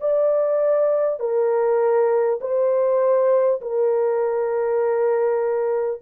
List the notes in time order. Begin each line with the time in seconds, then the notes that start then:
0.00 D5
1.19 A#4
2.41 C5
3.61 A#4